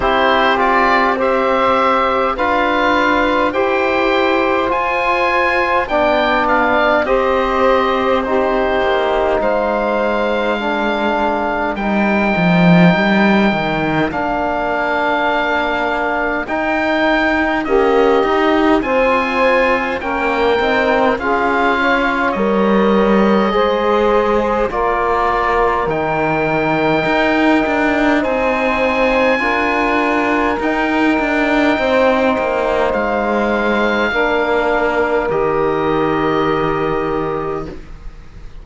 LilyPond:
<<
  \new Staff \with { instrumentName = "oboe" } { \time 4/4 \tempo 4 = 51 c''8 d''8 e''4 f''4 g''4 | gis''4 g''8 f''8 dis''4 c''4 | f''2 g''2 | f''2 g''4 dis''4 |
gis''4 g''4 f''4 dis''4~ | dis''4 d''4 g''2 | gis''2 g''2 | f''2 dis''2 | }
  \new Staff \with { instrumentName = "saxophone" } { \time 4/4 g'4 c''4 b'4 c''4~ | c''4 d''4 c''4 g'4 | c''4 ais'2.~ | ais'2. g'4 |
c''4 ais'4 gis'8 cis''4. | c''4 ais'2. | c''4 ais'2 c''4~ | c''4 ais'2. | }
  \new Staff \with { instrumentName = "trombone" } { \time 4/4 e'8 f'8 g'4 f'4 g'4 | f'4 d'4 g'4 dis'4~ | dis'4 d'4 dis'2 | d'2 dis'4 ais8 dis'8 |
c'4 cis'8 dis'8 f'4 ais'4 | gis'4 f'4 dis'2~ | dis'4 f'4 dis'2~ | dis'4 d'4 g'2 | }
  \new Staff \with { instrumentName = "cello" } { \time 4/4 c'2 d'4 e'4 | f'4 b4 c'4. ais8 | gis2 g8 f8 g8 dis8 | ais2 dis'4 cis'8 dis'8 |
f'4 ais8 c'8 cis'4 g4 | gis4 ais4 dis4 dis'8 d'8 | c'4 d'4 dis'8 d'8 c'8 ais8 | gis4 ais4 dis2 | }
>>